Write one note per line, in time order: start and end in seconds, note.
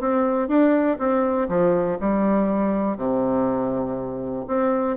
0.00 0.48 C4
0.48 0.97 D4
0.98 1.48 C4
1.48 1.98 F3
2.00 2.97 G3
2.97 4.45 C3
4.47 4.97 C4